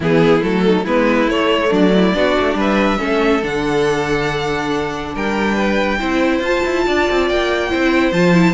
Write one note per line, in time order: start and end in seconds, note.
0.00 0.41 E3
0.00 0.41 B3
0.00 0.62 E4
0.00 0.43 G#4
0.41 0.85 F#3
0.41 0.84 A3
0.41 0.86 A4
0.65 0.84 D#4
0.84 1.27 G#3
0.84 1.28 B3
0.84 1.69 E4
0.84 1.29 B4
1.27 1.70 A3
1.27 2.13 A3
1.27 1.72 C#5
1.69 2.14 F#3
1.69 1.90 D4
1.69 2.58 D5
1.95 2.16 E4
2.13 2.36 B3
2.13 2.98 D4
2.13 2.57 F#4
2.39 2.54 A3
2.54 2.97 G3
2.54 2.98 B4
2.60 3.44 E5
2.98 3.43 A3
2.98 3.41 C#4
2.98 5.13 A4
3.42 5.14 D3
3.42 5.99 D4
3.42 5.15 F#5
5.14 6.00 G3
5.14 5.54 A#4
5.14 6.43 G5
5.54 5.97 B4
5.99 6.39 C4
5.99 6.42 E4
5.99 6.85 C5
6.39 6.61 F4
6.39 7.69 F4
6.39 7.29 A5
6.65 6.86 E4
6.86 7.08 D4
6.86 7.70 D5
7.10 7.30 C4
7.29 7.73 A#3
7.29 8.12 G5
7.69 8.12 C4
7.69 8.12 E4
7.69 8.54 C5
8.12 8.54 F3
8.12 8.33 F4
8.12 8.54 A5
8.33 8.54 E4